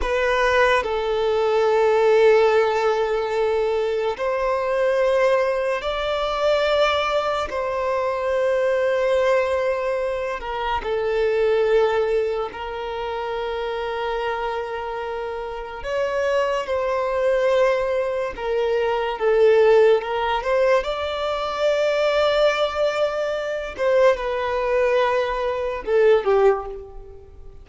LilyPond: \new Staff \with { instrumentName = "violin" } { \time 4/4 \tempo 4 = 72 b'4 a'2.~ | a'4 c''2 d''4~ | d''4 c''2.~ | c''8 ais'8 a'2 ais'4~ |
ais'2. cis''4 | c''2 ais'4 a'4 | ais'8 c''8 d''2.~ | d''8 c''8 b'2 a'8 g'8 | }